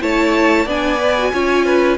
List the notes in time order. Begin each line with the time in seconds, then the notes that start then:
0.00 A3 E4 C#5 A5
0.65 B3 D4 D5 G#5
0.98 B4
1.18 F#4
1.32 C#4 F4 C#5
1.65 B4